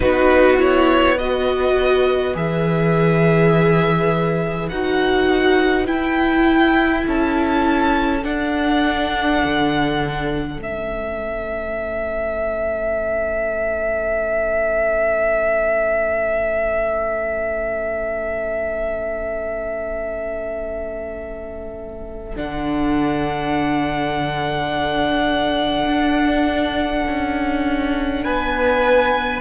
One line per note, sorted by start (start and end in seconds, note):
0.00 2.35 B3
0.00 0.57 D#4
0.00 1.14 F#4
0.00 0.57 B4
0.57 1.15 E4
0.57 1.17 C#5
1.14 2.34 F#4
1.14 7.03 B4
1.14 2.35 D#5
2.34 4.70 E3
2.34 4.69 G#4
2.34 4.68 E5
4.68 5.87 D#4
4.68 5.86 F#4
4.68 5.86 F#5
5.86 8.21 E4
5.86 7.04 E4
5.86 7.04 G5
7.06 8.24 C#4
7.06 28.24 A4
7.06 8.24 A5
8.23 10.57 D4
8.23 9.42 D4
8.23 10.59 F#5
9.44 10.57 D3
10.57 22.34 A3
10.57 22.34 C#4
10.57 22.37 E5
22.34 25.86 D3
22.34 29.40 D4
22.34 28.24 F#5
25.86 27.03 D4
27.07 28.25 C#4
28.24 29.41 B3
28.24 29.41 B4
28.24 29.41 G#5